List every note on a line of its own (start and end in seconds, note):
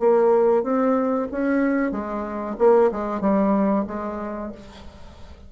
0.00 0.64 A#3
0.64 1.28 C4
1.32 1.92 C#4
1.92 2.57 G#3
2.59 2.91 A#3
2.92 3.21 G#3
3.21 3.86 G3
3.88 4.52 G#3